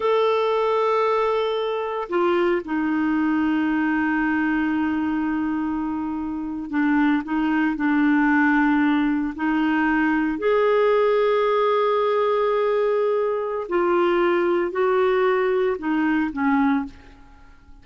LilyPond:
\new Staff \with { instrumentName = "clarinet" } { \time 4/4 \tempo 4 = 114 a'1 | f'4 dis'2.~ | dis'1~ | dis'8. d'4 dis'4 d'4~ d'16~ |
d'4.~ d'16 dis'2 gis'16~ | gis'1~ | gis'2 f'2 | fis'2 dis'4 cis'4 | }